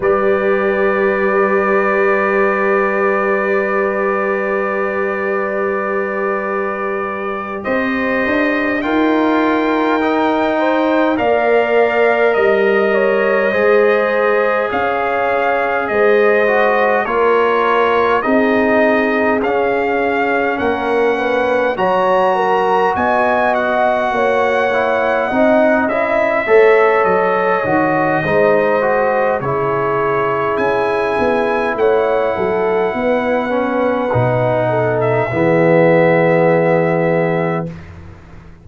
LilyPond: <<
  \new Staff \with { instrumentName = "trumpet" } { \time 4/4 \tempo 4 = 51 d''1~ | d''2~ d''8 dis''4 g''8~ | g''4. f''4 dis''4.~ | dis''8 f''4 dis''4 cis''4 dis''8~ |
dis''8 f''4 fis''4 ais''4 gis''8 | fis''2 e''4 dis''4~ | dis''4 cis''4 gis''4 fis''4~ | fis''4.~ fis''16 e''2~ e''16 | }
  \new Staff \with { instrumentName = "horn" } { \time 4/4 b'1~ | b'2~ b'8 c''4 ais'8~ | ais'4 c''8 d''4 dis''8 cis''8 c''8~ | c''8 cis''4 c''4 ais'4 gis'8~ |
gis'4. ais'8 b'8 cis''8 ais'8 dis''8~ | dis''8 cis''4 dis''4 cis''4. | c''4 gis'2 cis''8 a'8 | b'4. a'8 gis'2 | }
  \new Staff \with { instrumentName = "trombone" } { \time 4/4 g'1~ | g'2.~ g'8 f'8~ | f'8 dis'4 ais'2 gis'8~ | gis'2 fis'8 f'4 dis'8~ |
dis'8 cis'2 fis'4.~ | fis'4 e'8 dis'8 e'8 a'4 fis'8 | dis'8 fis'8 e'2.~ | e'8 cis'8 dis'4 b2 | }
  \new Staff \with { instrumentName = "tuba" } { \time 4/4 g1~ | g2~ g8 c'8 d'8 dis'8~ | dis'4. ais4 g4 gis8~ | gis8 cis'4 gis4 ais4 c'8~ |
c'8 cis'4 ais4 fis4 b8~ | b8 ais4 c'8 cis'8 a8 fis8 dis8 | gis4 cis4 cis'8 b8 a8 fis8 | b4 b,4 e2 | }
>>